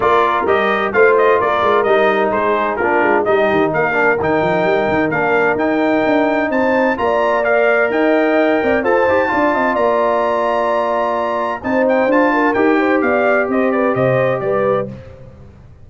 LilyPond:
<<
  \new Staff \with { instrumentName = "trumpet" } { \time 4/4 \tempo 4 = 129 d''4 dis''4 f''8 dis''8 d''4 | dis''4 c''4 ais'4 dis''4 | f''4 g''2 f''4 | g''2 a''4 ais''4 |
f''4 g''2 a''4~ | a''4 ais''2.~ | ais''4 a''8 g''8 a''4 g''4 | f''4 dis''8 d''8 dis''4 d''4 | }
  \new Staff \with { instrumentName = "horn" } { \time 4/4 ais'2 c''4 ais'4~ | ais'4 gis'4 f'4 g'4 | ais'1~ | ais'2 c''4 d''4~ |
d''4 dis''4. d''8 c''4 | d''8 dis''8 d''2.~ | d''4 c''4. ais'4 c''8 | d''4 c''8 b'8 c''4 b'4 | }
  \new Staff \with { instrumentName = "trombone" } { \time 4/4 f'4 g'4 f'2 | dis'2 d'4 dis'4~ | dis'8 d'8 dis'2 d'4 | dis'2. f'4 |
ais'2. a'8 g'8 | f'1~ | f'4 dis'4 f'4 g'4~ | g'1 | }
  \new Staff \with { instrumentName = "tuba" } { \time 4/4 ais4 g4 a4 ais8 gis8 | g4 gis4 ais8 gis8 g8 dis8 | ais4 dis8 f8 g8 dis8 ais4 | dis'4 d'4 c'4 ais4~ |
ais4 dis'4. c'8 f'8 dis'8 | d'8 c'8 ais2.~ | ais4 c'4 d'4 dis'4 | b4 c'4 c4 g4 | }
>>